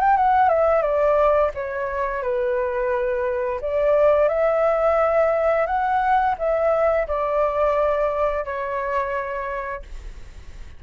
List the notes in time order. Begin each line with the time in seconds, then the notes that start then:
0.00 G5
0.17 F#5
0.49 E5
0.82 D5
1.54 C#5
2.22 B4
3.61 D5
4.28 E5
5.66 F#5
6.38 E5
7.07 D5
8.44 C#5